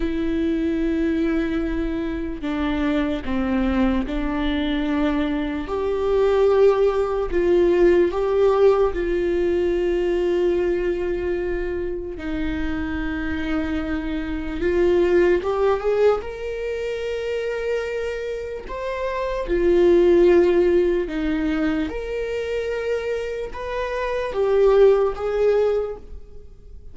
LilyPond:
\new Staff \with { instrumentName = "viola" } { \time 4/4 \tempo 4 = 74 e'2. d'4 | c'4 d'2 g'4~ | g'4 f'4 g'4 f'4~ | f'2. dis'4~ |
dis'2 f'4 g'8 gis'8 | ais'2. c''4 | f'2 dis'4 ais'4~ | ais'4 b'4 g'4 gis'4 | }